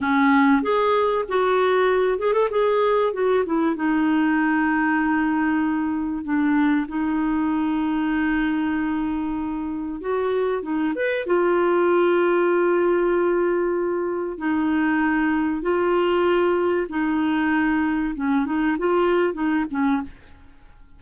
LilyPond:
\new Staff \with { instrumentName = "clarinet" } { \time 4/4 \tempo 4 = 96 cis'4 gis'4 fis'4. gis'16 a'16 | gis'4 fis'8 e'8 dis'2~ | dis'2 d'4 dis'4~ | dis'1 |
fis'4 dis'8 b'8 f'2~ | f'2. dis'4~ | dis'4 f'2 dis'4~ | dis'4 cis'8 dis'8 f'4 dis'8 cis'8 | }